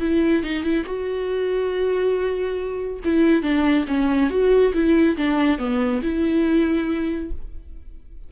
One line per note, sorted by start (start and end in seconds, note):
0.00 0.43 E4
0.43 0.63 D#4
0.63 0.84 E4
0.85 3.00 F#4
3.04 3.42 E4
3.42 3.85 D4
3.87 4.30 C#4
4.30 4.73 F#4
4.73 5.16 E4
5.16 5.58 D4
5.58 6.01 B3
6.02 7.31 E4